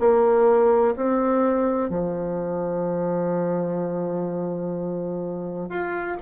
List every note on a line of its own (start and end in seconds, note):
0.00 0.95 A#3
0.96 1.90 C4
1.90 5.69 F3
5.69 6.17 F4